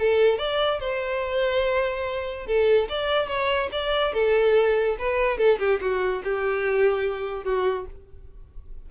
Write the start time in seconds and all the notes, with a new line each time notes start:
0.00 A4
0.38 D5
0.80 C5
2.47 A4
2.89 D5
3.28 C#5
3.72 D5
4.14 A4
4.99 B4
5.38 A4
5.59 G4
5.81 F#4
6.24 G4
7.45 F#4